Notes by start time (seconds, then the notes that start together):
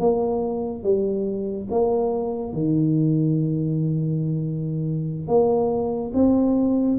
0.00 A#3
0.84 G3
1.71 A#3
2.54 D#3
5.28 A#3
6.14 C4